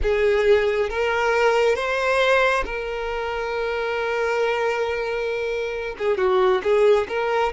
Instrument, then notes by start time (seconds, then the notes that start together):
violin
0.02 G#4
0.89 A#4
1.75 C5
2.65 A#4
5.98 G#4
6.17 F#4
6.63 G#4
7.08 A#4